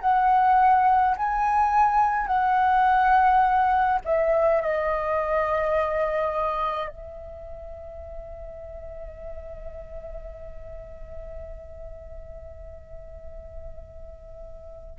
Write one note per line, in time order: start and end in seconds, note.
0.00 1.15 F#5
1.16 2.27 G#5
2.27 4.00 F#5
4.04 4.61 E5
4.61 6.89 D#5
6.89 14.96 E5